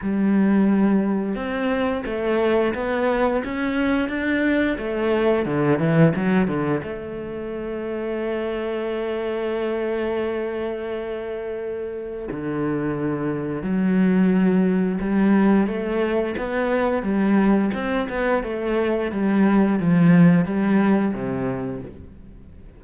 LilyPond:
\new Staff \with { instrumentName = "cello" } { \time 4/4 \tempo 4 = 88 g2 c'4 a4 | b4 cis'4 d'4 a4 | d8 e8 fis8 d8 a2~ | a1~ |
a2 d2 | fis2 g4 a4 | b4 g4 c'8 b8 a4 | g4 f4 g4 c4 | }